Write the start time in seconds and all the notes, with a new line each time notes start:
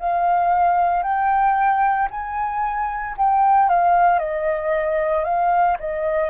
0.00 F5
1.03 G5
2.11 G#5
3.18 G5
3.69 F5
4.20 D#5
5.25 F5
5.80 D#5